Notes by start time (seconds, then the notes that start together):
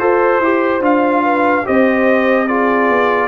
0.00 F4 A4 C5
0.40 E4 G4
0.81 D4 F4 F5
1.24 B4
1.65 C4 G4 C5 D#5
2.48 F4 G#4 D5
2.90 B3